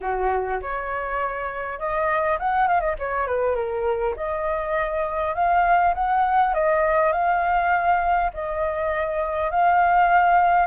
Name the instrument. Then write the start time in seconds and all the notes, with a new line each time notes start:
flute
0.01 F#4
0.61 C#5
1.79 D#5
2.39 F#5
2.67 F5
2.80 D#5
2.98 C#5
3.26 B4
3.55 A#4
4.16 D#5
5.34 F5
5.94 F#5
6.54 D#5
7.12 F5
8.33 D#5
9.50 F5